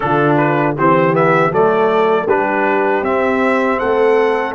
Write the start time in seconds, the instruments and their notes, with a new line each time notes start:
0.00 tuba D3, trombone D4, horn F4, trumpet A4
0.37 trumpet B4
0.76 tuba E3, trombone C4, horn G4, trumpet C5
1.13 trombone B3, trumpet E5
1.51 tuba F#3, trombone A3, horn A4, trumpet D5
2.27 tuba G3, trombone D4, horn G4, trumpet B4
3.02 tuba C4, trombone C4, trumpet E5
3.78 tuba A3, horn A4, trumpet F#5